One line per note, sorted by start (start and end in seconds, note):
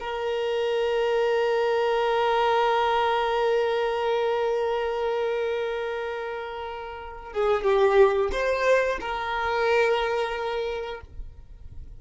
0.00 7.33 A#4
7.33 7.64 G#4
7.64 8.31 G4
8.32 8.99 C5
9.01 11.01 A#4